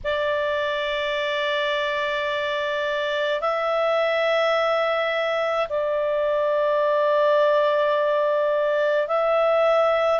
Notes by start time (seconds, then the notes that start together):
0.04 D5
3.40 E5
5.69 D5
9.07 E5